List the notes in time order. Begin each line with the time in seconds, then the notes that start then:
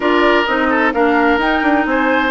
0.00 D4 F4 A#4 D5
0.46 C4 D#4 D#5
0.69 A4
0.93 A#3 D4 A#4 F5
1.37 D#4 G5
1.62 D4
1.85 C4 C5 G#5